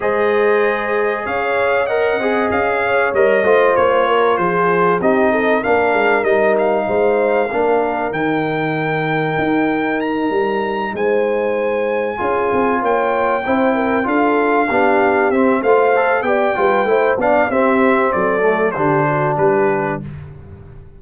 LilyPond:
<<
  \new Staff \with { instrumentName = "trumpet" } { \time 4/4 \tempo 4 = 96 dis''2 f''4 fis''4 | f''4 dis''4 cis''4 c''4 | dis''4 f''4 dis''8 f''4.~ | f''4 g''2. |
ais''4. gis''2~ gis''8~ | gis''8 g''2 f''4.~ | f''8 e''8 f''4 g''4. f''8 | e''4 d''4 c''4 b'4 | }
  \new Staff \with { instrumentName = "horn" } { \time 4/4 c''2 cis''4 dis''4~ | dis''8 cis''4 c''4 ais'8 gis'4 | g'8 a'8 ais'2 c''4 | ais'1~ |
ais'4. c''2 gis'8~ | gis'8 cis''4 c''8 ais'8 a'4 g'8~ | g'4 c''4 d''8 b'8 c''8 d''8 | g'4 a'4 g'8 fis'8 g'4 | }
  \new Staff \with { instrumentName = "trombone" } { \time 4/4 gis'2. ais'8 gis'8~ | gis'4 ais'8 f'2~ f'8 | dis'4 d'4 dis'2 | d'4 dis'2.~ |
dis'2.~ dis'8 f'8~ | f'4. e'4 f'4 d'8~ | d'8 c'8 f'8 a'8 g'8 f'8 e'8 d'8 | c'4. a8 d'2 | }
  \new Staff \with { instrumentName = "tuba" } { \time 4/4 gis2 cis'4. c'8 | cis'4 g8 a8 ais4 f4 | c'4 ais8 gis8 g4 gis4 | ais4 dis2 dis'4~ |
dis'8 g4 gis2 cis'8 | c'8 ais4 c'4 d'4 b8~ | b8 c'8 a4 b8 g8 a8 b8 | c'4 fis4 d4 g4 | }
>>